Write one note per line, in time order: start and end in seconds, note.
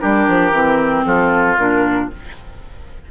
0.00 0.28 G3
0.00 0.52 D4
0.00 1.06 G4
0.00 1.05 A#4
0.28 0.52 F3
0.52 1.04 E3
0.52 1.58 C4
1.05 1.58 F3
1.05 2.11 F4
1.05 1.58 A4
1.58 2.10 A#2
1.58 2.11 D4
1.58 2.11 A#4